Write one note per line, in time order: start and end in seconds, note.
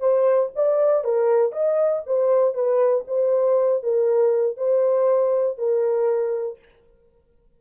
0.00 0.50 C5
0.55 1.04 D5
1.04 1.52 A#4
1.52 2.03 D#5
2.06 2.54 C5
2.54 3.05 B4
3.08 3.83 C5
3.83 4.57 A#4
4.57 5.58 C5
5.58 6.59 A#4